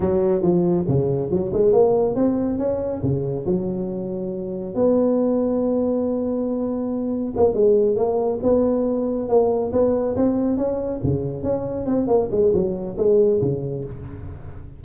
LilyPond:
\new Staff \with { instrumentName = "tuba" } { \time 4/4 \tempo 4 = 139 fis4 f4 cis4 fis8 gis8 | ais4 c'4 cis'4 cis4 | fis2. b4~ | b1~ |
b4 ais8 gis4 ais4 b8~ | b4. ais4 b4 c'8~ | c'8 cis'4 cis4 cis'4 c'8 | ais8 gis8 fis4 gis4 cis4 | }